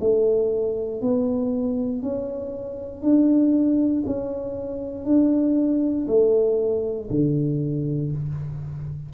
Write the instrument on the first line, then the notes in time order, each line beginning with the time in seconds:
tuba
0.00 A3
1.02 B3
2.02 C#4
3.02 D4
4.06 C#4
5.05 D4
6.07 A3
7.10 D3